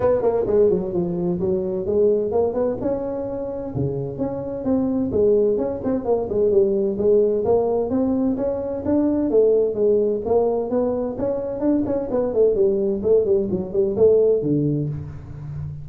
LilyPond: \new Staff \with { instrumentName = "tuba" } { \time 4/4 \tempo 4 = 129 b8 ais8 gis8 fis8 f4 fis4 | gis4 ais8 b8 cis'2 | cis4 cis'4 c'4 gis4 | cis'8 c'8 ais8 gis8 g4 gis4 |
ais4 c'4 cis'4 d'4 | a4 gis4 ais4 b4 | cis'4 d'8 cis'8 b8 a8 g4 | a8 g8 fis8 g8 a4 d4 | }